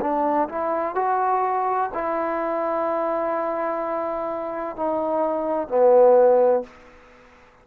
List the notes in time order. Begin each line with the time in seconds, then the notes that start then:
0.00 D4
0.48 E4
0.95 F#4
1.94 E4
4.76 D#4
5.68 B3